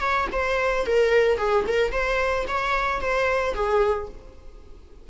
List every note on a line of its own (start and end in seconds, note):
0.00 0.27 C#5
0.32 0.86 C5
0.86 1.38 A#4
1.38 1.65 G#4
1.67 1.91 A#4
1.91 2.45 C5
2.47 3.01 C#5
3.01 3.54 C5
3.54 4.08 G#4